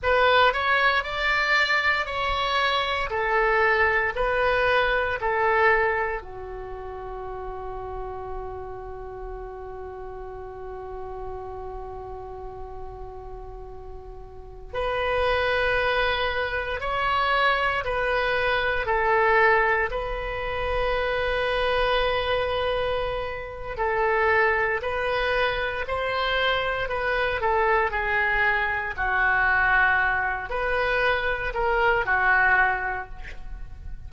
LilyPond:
\new Staff \with { instrumentName = "oboe" } { \time 4/4 \tempo 4 = 58 b'8 cis''8 d''4 cis''4 a'4 | b'4 a'4 fis'2~ | fis'1~ | fis'2~ fis'16 b'4.~ b'16~ |
b'16 cis''4 b'4 a'4 b'8.~ | b'2. a'4 | b'4 c''4 b'8 a'8 gis'4 | fis'4. b'4 ais'8 fis'4 | }